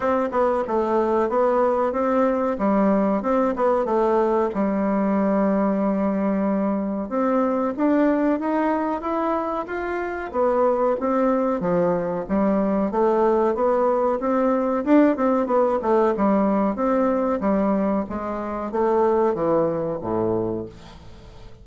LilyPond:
\new Staff \with { instrumentName = "bassoon" } { \time 4/4 \tempo 4 = 93 c'8 b8 a4 b4 c'4 | g4 c'8 b8 a4 g4~ | g2. c'4 | d'4 dis'4 e'4 f'4 |
b4 c'4 f4 g4 | a4 b4 c'4 d'8 c'8 | b8 a8 g4 c'4 g4 | gis4 a4 e4 a,4 | }